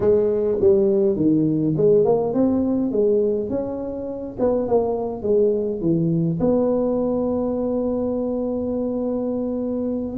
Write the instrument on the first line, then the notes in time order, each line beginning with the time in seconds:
tuba
0.00 G#3
0.60 G3
1.16 D#3
1.76 G#3
2.04 A#3
2.33 C4
2.91 G#3
3.49 C#4
4.39 B3
4.68 A#3
5.22 G#3
5.80 E3
6.40 B3